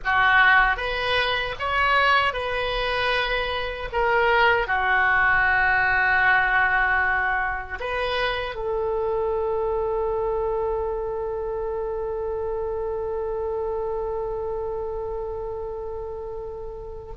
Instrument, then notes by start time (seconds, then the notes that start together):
oboe
0.04 F#4
0.76 B4
1.59 C#5
2.33 B4
3.92 A#4
4.67 F#4
7.80 B4
8.55 A4